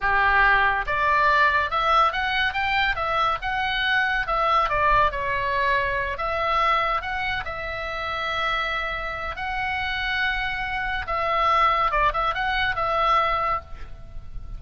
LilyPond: \new Staff \with { instrumentName = "oboe" } { \time 4/4 \tempo 4 = 141 g'2 d''2 | e''4 fis''4 g''4 e''4 | fis''2 e''4 d''4 | cis''2~ cis''8 e''4.~ |
e''8 fis''4 e''2~ e''8~ | e''2 fis''2~ | fis''2 e''2 | d''8 e''8 fis''4 e''2 | }